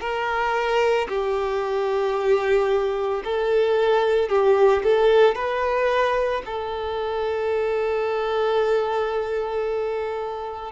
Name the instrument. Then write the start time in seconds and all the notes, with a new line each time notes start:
violin
0.00 A#4
1.09 G4
3.24 A4
4.29 G4
4.84 A4
5.35 B4
6.45 A4